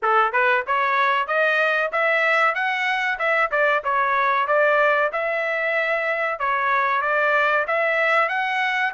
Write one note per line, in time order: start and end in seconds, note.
0.02 0.32 A4
0.32 0.64 B4
0.66 1.27 C#5
1.27 1.91 D#5
1.92 2.54 E5
2.54 3.18 F#5
3.18 3.50 E5
3.51 3.83 D5
3.84 4.47 C#5
4.47 5.11 D5
5.12 6.39 E5
6.39 7.01 C#5
7.01 7.65 D5
7.67 8.28 E5
8.28 8.92 F#5